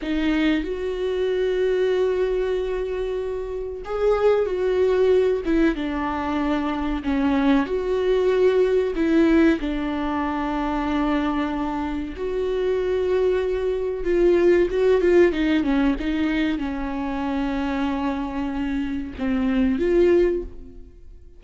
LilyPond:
\new Staff \with { instrumentName = "viola" } { \time 4/4 \tempo 4 = 94 dis'4 fis'2.~ | fis'2 gis'4 fis'4~ | fis'8 e'8 d'2 cis'4 | fis'2 e'4 d'4~ |
d'2. fis'4~ | fis'2 f'4 fis'8 f'8 | dis'8 cis'8 dis'4 cis'2~ | cis'2 c'4 f'4 | }